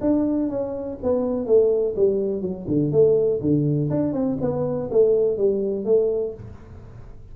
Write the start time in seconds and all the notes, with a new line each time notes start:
0.00 D4
0.49 C#4
1.02 B3
1.46 A3
1.96 G3
2.41 F#3
2.67 D3
2.91 A3
3.41 D3
3.90 D4
4.12 C4
4.41 B3
4.90 A3
5.37 G3
5.85 A3